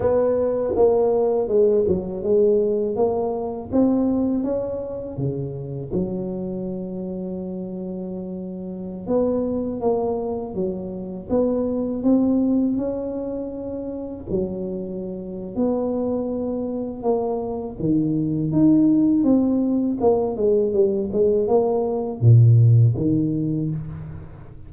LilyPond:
\new Staff \with { instrumentName = "tuba" } { \time 4/4 \tempo 4 = 81 b4 ais4 gis8 fis8 gis4 | ais4 c'4 cis'4 cis4 | fis1~ | fis16 b4 ais4 fis4 b8.~ |
b16 c'4 cis'2 fis8.~ | fis4 b2 ais4 | dis4 dis'4 c'4 ais8 gis8 | g8 gis8 ais4 ais,4 dis4 | }